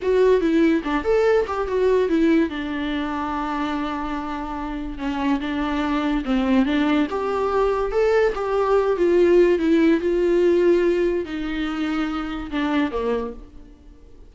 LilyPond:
\new Staff \with { instrumentName = "viola" } { \time 4/4 \tempo 4 = 144 fis'4 e'4 d'8 a'4 g'8 | fis'4 e'4 d'2~ | d'1 | cis'4 d'2 c'4 |
d'4 g'2 a'4 | g'4. f'4. e'4 | f'2. dis'4~ | dis'2 d'4 ais4 | }